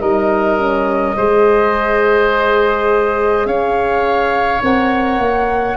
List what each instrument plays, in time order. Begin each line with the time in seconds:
0.00 tuba G3, horn D#4, oboe A#4, flute D#5
0.59 horn C#4
1.16 tuba G#3, horn G#4, oboe C5
3.45 tuba C#4, oboe C#5, flute F5
4.62 tuba C4, horn A#4, flute F#5
5.17 tuba A#3